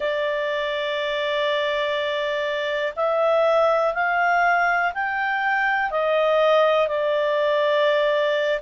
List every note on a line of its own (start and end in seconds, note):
0.00 2.93 D5
2.96 3.93 E5
3.93 4.92 F5
4.94 5.91 G5
5.91 6.87 D#5
6.87 8.59 D5